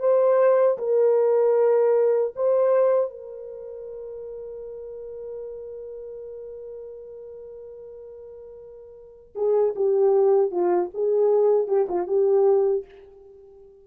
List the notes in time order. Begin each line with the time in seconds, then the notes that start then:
0.00 C5
0.78 A#4
2.36 C5
3.10 A#4
9.35 G#4
9.76 G4
10.51 F4
10.94 G#4
11.68 G4
11.89 F4
12.07 G4